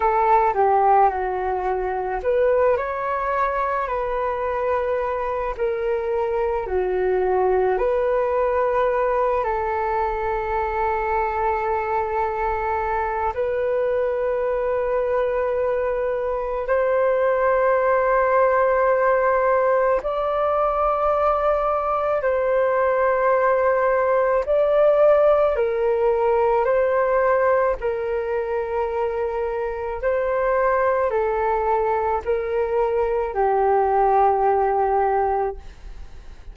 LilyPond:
\new Staff \with { instrumentName = "flute" } { \time 4/4 \tempo 4 = 54 a'8 g'8 fis'4 b'8 cis''4 b'8~ | b'4 ais'4 fis'4 b'4~ | b'8 a'2.~ a'8 | b'2. c''4~ |
c''2 d''2 | c''2 d''4 ais'4 | c''4 ais'2 c''4 | a'4 ais'4 g'2 | }